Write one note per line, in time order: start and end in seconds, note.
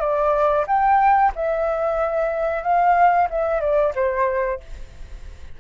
0.00 0.65 D5
0.67 1.32 G5
1.35 2.63 E5
2.63 3.28 F5
3.30 3.61 E5
3.61 3.93 D5
3.95 4.60 C5